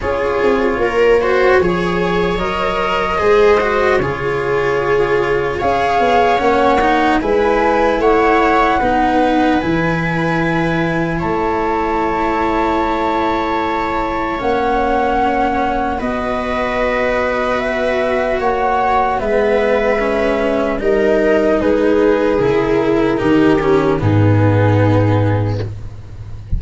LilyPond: <<
  \new Staff \with { instrumentName = "flute" } { \time 4/4 \tempo 4 = 75 cis''2. dis''4~ | dis''4 cis''2 f''4 | fis''4 gis''4 fis''2 | gis''2 a''2~ |
a''2 fis''2 | dis''2 e''4 fis''4 | e''2 dis''4 b'4 | ais'2 gis'2 | }
  \new Staff \with { instrumentName = "viola" } { \time 4/4 gis'4 ais'8 c''8 cis''2 | c''4 gis'2 cis''4~ | cis''4 b'4 cis''4 b'4~ | b'2 cis''2~ |
cis''1 | b'2. cis''4 | b'2 ais'4 gis'4~ | gis'4 g'4 dis'2 | }
  \new Staff \with { instrumentName = "cello" } { \time 4/4 f'4. fis'8 gis'4 ais'4 | gis'8 fis'8 f'2 gis'4 | cis'8 dis'8 e'2 dis'4 | e'1~ |
e'2 cis'2 | fis'1 | b4 cis'4 dis'2 | e'4 dis'8 cis'8 b2 | }
  \new Staff \with { instrumentName = "tuba" } { \time 4/4 cis'8 c'8 ais4 f4 fis4 | gis4 cis2 cis'8 b8 | ais4 gis4 a4 b4 | e2 a2~ |
a2 ais2 | b2. ais4 | gis2 g4 gis4 | cis4 dis4 gis,2 | }
>>